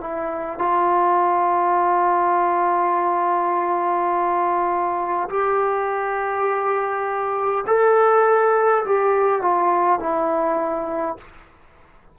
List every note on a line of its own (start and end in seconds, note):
0.00 0.58 E4
0.58 5.28 F4
5.29 7.64 G4
7.66 8.84 A4
8.84 9.41 G4
9.41 9.99 F4
9.99 11.17 E4